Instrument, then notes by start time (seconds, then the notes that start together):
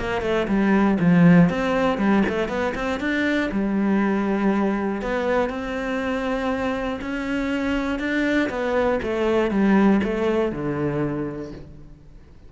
cello
0.00 A#3
0.22 A3
0.49 G3
1.00 F3
1.50 C4
1.99 G3
2.30 A3
2.49 B3
2.75 C4
3.00 D4
3.52 G3
5.02 B3
5.50 C4
7.02 C#4
8.00 D4
8.50 B3
9.03 A3
9.51 G3
10.04 A3
10.53 D3